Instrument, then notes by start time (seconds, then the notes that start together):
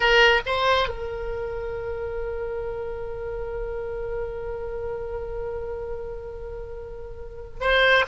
oboe
0.00 A#4
0.45 C5
0.88 A#4
7.60 C5